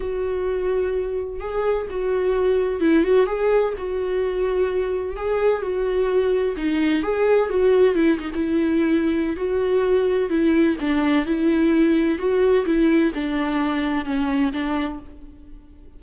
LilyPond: \new Staff \with { instrumentName = "viola" } { \time 4/4 \tempo 4 = 128 fis'2. gis'4 | fis'2 e'8 fis'8 gis'4 | fis'2. gis'4 | fis'2 dis'4 gis'4 |
fis'4 e'8 dis'16 e'2~ e'16 | fis'2 e'4 d'4 | e'2 fis'4 e'4 | d'2 cis'4 d'4 | }